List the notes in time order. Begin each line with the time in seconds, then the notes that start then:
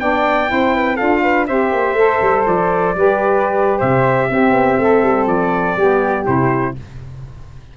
0.00 B3 D4 D5 G5
0.47 C4 E4 C5
0.74 B4
0.96 D4 F4 A4 F5
1.22 B4
1.47 C4 G4 C5 E5
1.72 A#3
1.93 A3 A4
2.21 G3
2.46 F3 D5
2.95 G3 G4 B4
3.78 C3 C5 E5
4.30 C4 G4
4.51 B3
4.78 A3 A4
5.02 G3
5.27 F3 D5
5.76 G3 B3 G4
6.26 C3 E4 C5